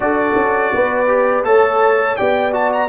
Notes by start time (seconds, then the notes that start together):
0.00 D4 F#4 A4 D5
0.35 C#4
0.73 B3 B4
1.07 G4
1.44 A3 A4 C#5 A5
2.16 B3 G4 D5 G5
2.52 F#4 A5
2.72 A#5